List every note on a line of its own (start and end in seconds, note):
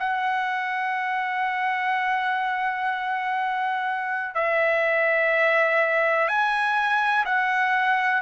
0.00 4.35 F#5
4.35 6.28 E5
6.28 7.25 G#5
7.26 8.22 F#5